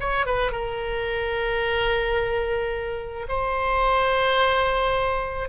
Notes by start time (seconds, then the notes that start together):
0.00 C#5
0.26 B4
0.52 A#4
3.29 C5